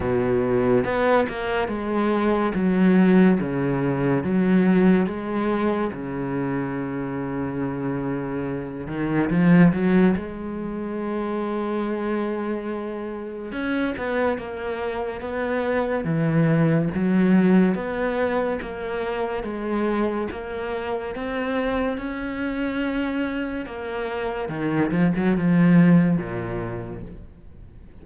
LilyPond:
\new Staff \with { instrumentName = "cello" } { \time 4/4 \tempo 4 = 71 b,4 b8 ais8 gis4 fis4 | cis4 fis4 gis4 cis4~ | cis2~ cis8 dis8 f8 fis8 | gis1 |
cis'8 b8 ais4 b4 e4 | fis4 b4 ais4 gis4 | ais4 c'4 cis'2 | ais4 dis8 f16 fis16 f4 ais,4 | }